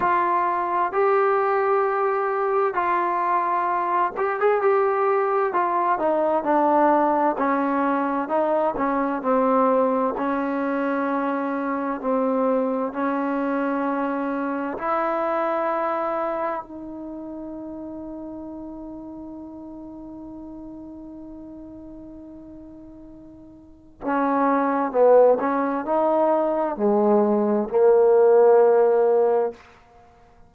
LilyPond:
\new Staff \with { instrumentName = "trombone" } { \time 4/4 \tempo 4 = 65 f'4 g'2 f'4~ | f'8 g'16 gis'16 g'4 f'8 dis'8 d'4 | cis'4 dis'8 cis'8 c'4 cis'4~ | cis'4 c'4 cis'2 |
e'2 dis'2~ | dis'1~ | dis'2 cis'4 b8 cis'8 | dis'4 gis4 ais2 | }